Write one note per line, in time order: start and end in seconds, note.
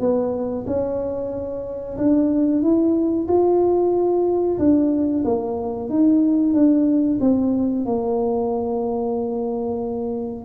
0.00 0.65 B3
0.66 1.97 C#4
1.98 2.62 D4
2.62 3.27 E4
3.28 4.58 F4
4.59 5.24 D4
5.24 5.90 A#3
5.90 6.53 D#4
6.53 7.19 D4
7.20 7.85 C4
7.85 10.45 A#3